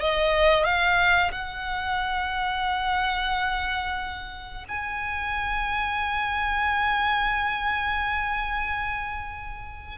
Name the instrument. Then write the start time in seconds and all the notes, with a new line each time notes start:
violin
0.00 D#5
0.64 F5
1.31 F#5
4.68 G#5